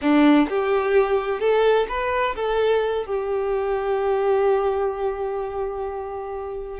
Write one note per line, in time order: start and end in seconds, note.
0.01 0.48 D4
0.49 1.40 G4
1.40 1.86 A4
1.88 2.35 B4
2.35 3.06 A4
3.06 6.79 G4